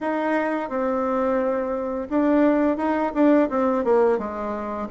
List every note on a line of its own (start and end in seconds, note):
0.00 0.68 D#4
0.68 2.08 C4
2.09 2.77 D4
2.77 3.12 D#4
3.14 3.49 D4
3.49 3.84 C4
3.84 4.18 A#3
4.18 4.88 G#3